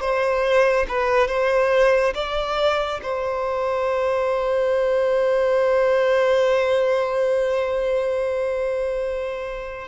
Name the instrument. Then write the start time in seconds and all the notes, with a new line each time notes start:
violin
0.00 C5
0.88 B4
1.27 C5
2.14 D5
3.02 C5